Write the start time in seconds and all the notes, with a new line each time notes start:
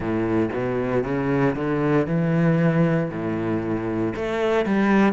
0.00 A2
0.53 B2
1.03 C#3
1.55 D3
2.06 E3
3.10 A2
4.15 A3
4.65 G3